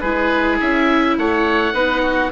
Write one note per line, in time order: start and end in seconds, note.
0.00 0.60 G#3
0.00 1.73 E4
0.00 1.15 G#4
0.00 0.57 B4
0.60 1.18 C#4
0.60 1.17 E5
1.18 1.73 A3
1.18 1.74 C#5
1.18 2.32 F#5
1.73 2.30 B3
1.73 2.30 D#4
1.73 2.02 B4
2.02 2.30 F#4